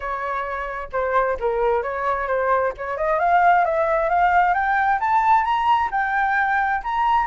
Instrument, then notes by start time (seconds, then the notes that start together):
flute
0.00 C#5
0.92 C5
1.39 A#4
1.83 C#5
2.27 C5
2.77 C#5
2.97 D#5
3.19 F5
3.64 E5
4.09 F5
4.53 G5
5.00 A5
5.44 A#5
5.91 G5
6.83 A#5